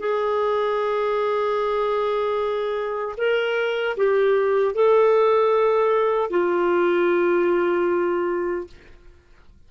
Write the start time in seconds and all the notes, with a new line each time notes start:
0.00 G#4
3.18 A#4
3.98 G4
4.75 A4
6.31 F4